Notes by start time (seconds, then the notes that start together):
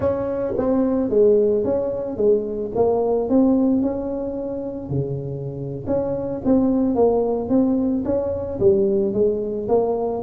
0.00 C#4
0.57 C4
1.09 G#3
1.64 C#4
2.16 G#3
2.75 A#3
3.29 C4
3.82 C#4
4.89 C#3
5.86 C#4
6.44 C4
6.95 A#3
7.49 C4
8.04 C#4
8.59 G3
9.13 G#3
9.68 A#3